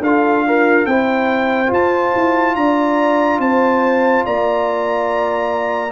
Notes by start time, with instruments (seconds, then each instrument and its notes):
0.00 tuba D4, trombone F4, horn A4, trumpet F5
0.46 horn F4, trombone A#4
0.86 tuba C4, trombone E4, horn C5, trumpet G5
1.66 trombone F4, tuba F4
1.73 trumpet A5
2.14 tuba E4
2.55 tuba D4, horn D5, trumpet A#5
3.39 tuba C4, horn C5, trumpet A5
4.25 tuba A#3, horn D5, trumpet A#5